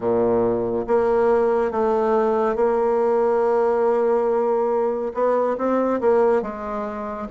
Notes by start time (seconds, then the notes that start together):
0.00 A#2
0.86 A#3
1.71 A3
2.55 A#3
5.14 B3
5.57 C4
6.00 A#3
6.42 G#3